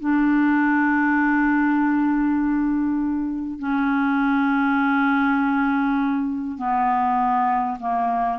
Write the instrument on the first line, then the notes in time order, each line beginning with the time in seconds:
clarinet
0.00 D4
3.59 C#4
6.58 B3
7.80 A#3